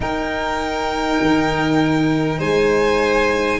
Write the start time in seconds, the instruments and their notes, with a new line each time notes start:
0.00 tuba D#4, cello D#4, violin A#4 G5
1.21 tuba D#3
2.39 tuba G#3, violin C5 G#5